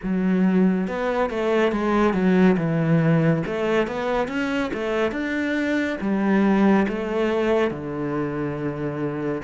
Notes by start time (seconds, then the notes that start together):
0.02 F#3
0.87 B3
1.29 A3
1.71 G#3
2.13 F#3
2.57 E3
3.46 A3
3.86 B3
4.27 C#4
4.73 A3
5.11 D4
6.00 G3
6.88 A3
7.70 D3